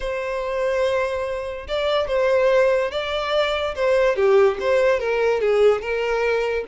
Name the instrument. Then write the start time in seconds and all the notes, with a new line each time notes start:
violin
0.00 C5
1.68 D5
2.07 C5
2.91 D5
3.75 C5
4.16 G4
4.60 C5
4.99 A#4
5.40 G#4
5.81 A#4